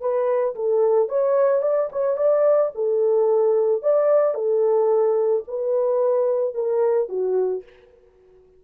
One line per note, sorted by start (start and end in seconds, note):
0.00 0.55 B4
0.55 1.08 A4
1.08 1.62 C#5
1.62 1.89 D5
1.92 2.16 C#5
2.16 2.71 D5
2.74 3.82 A4
3.82 4.34 D5
4.34 5.43 A4
5.47 6.54 B4
6.54 7.08 A#4
7.08 7.63 F#4